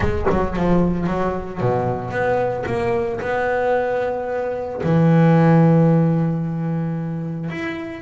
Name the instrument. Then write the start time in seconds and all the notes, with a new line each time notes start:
double bass
0.00 G#3
0.30 F#3
0.56 F3
1.07 F#3
1.60 B2
2.10 B3
2.66 A#3
3.20 B3
4.83 E3
7.50 E4